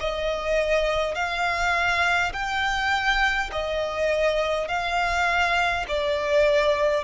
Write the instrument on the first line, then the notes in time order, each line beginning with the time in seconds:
violin
0.00 D#5
1.15 F5
2.33 G5
3.52 D#5
4.68 F5
5.88 D5